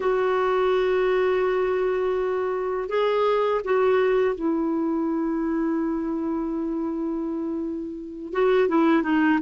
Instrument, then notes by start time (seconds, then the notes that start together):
clarinet
0.00 F#4
2.88 G#4
3.64 F#4
4.35 E4
8.32 F#4
8.68 E4
9.03 D#4